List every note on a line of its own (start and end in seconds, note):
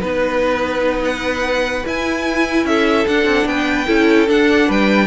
0.00 1.83 B3
0.00 1.82 D#4
0.00 1.02 B4
0.00 2.67 B4
1.04 1.85 F#5
1.85 3.06 E4
1.85 2.64 E4
1.85 2.66 G#5
2.64 3.05 C#4
2.64 3.48 A4
2.64 3.06 E5
3.07 3.24 D4
3.07 3.86 D4
3.07 3.47 F#5
3.24 3.45 C4
3.45 3.86 B3
3.45 3.87 B4
3.45 4.28 G5
3.86 4.28 C#4
3.86 4.27 E4
3.86 4.67 A4
4.27 5.06 D4
4.27 4.69 D4
4.27 4.71 F#5
4.67 5.06 G3
4.67 5.06 B4
4.67 5.06 G5